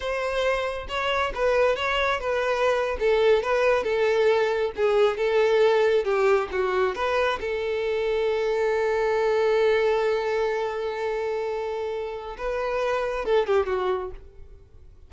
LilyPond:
\new Staff \with { instrumentName = "violin" } { \time 4/4 \tempo 4 = 136 c''2 cis''4 b'4 | cis''4 b'4.~ b'16 a'4 b'16~ | b'8. a'2 gis'4 a'16~ | a'4.~ a'16 g'4 fis'4 b'16~ |
b'8. a'2.~ a'16~ | a'1~ | a'1 | b'2 a'8 g'8 fis'4 | }